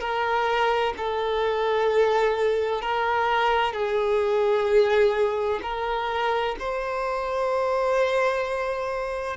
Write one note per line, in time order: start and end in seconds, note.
0.00 0.94 A#4
0.97 2.82 A4
2.82 3.72 A#4
3.72 5.60 G#4
5.62 6.56 A#4
6.59 9.37 C5